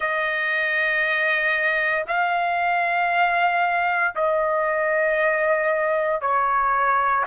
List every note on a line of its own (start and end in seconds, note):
0.00 2.04 D#5
2.07 4.14 F5
4.15 6.21 D#5
6.21 7.24 C#5